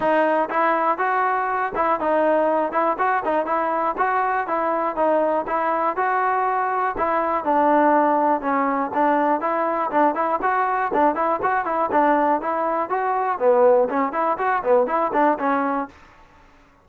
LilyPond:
\new Staff \with { instrumentName = "trombone" } { \time 4/4 \tempo 4 = 121 dis'4 e'4 fis'4. e'8 | dis'4. e'8 fis'8 dis'8 e'4 | fis'4 e'4 dis'4 e'4 | fis'2 e'4 d'4~ |
d'4 cis'4 d'4 e'4 | d'8 e'8 fis'4 d'8 e'8 fis'8 e'8 | d'4 e'4 fis'4 b4 | cis'8 e'8 fis'8 b8 e'8 d'8 cis'4 | }